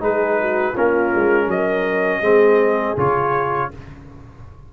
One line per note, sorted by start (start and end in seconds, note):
0.00 0.75 G#3
0.00 0.74 D#4
0.00 0.40 G#4
0.00 0.77 B4
0.40 0.73 F#4
0.73 1.14 A#3
0.73 2.22 C#4
0.73 1.47 F4
0.73 1.50 A#4
1.15 1.47 G#3
1.47 2.21 F#3
1.47 2.20 A#4
1.47 2.98 D#5
2.20 2.96 G#3
2.20 2.96 C4
2.20 3.68 G#4
2.97 3.71 C#3
2.97 3.71 F4
2.97 3.73 C#5